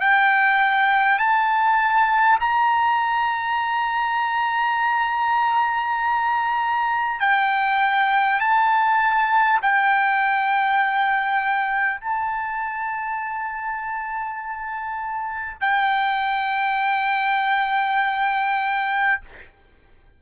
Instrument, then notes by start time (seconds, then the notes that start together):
trumpet
0.00 G5
1.18 A5
2.40 A#5
7.19 G5
8.40 A5
9.62 G5
12.00 A5
15.60 G5